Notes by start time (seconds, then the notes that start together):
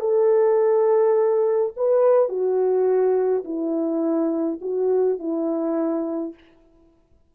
0.00 A4
1.76 B4
2.29 F#4
3.44 E4
4.62 F#4
5.19 E4